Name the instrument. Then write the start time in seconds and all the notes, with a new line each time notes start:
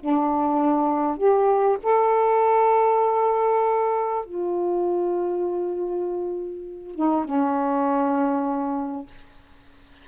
saxophone
0.00 D4
1.17 G4
1.83 A4
4.25 F4
6.95 D#4
7.25 C#4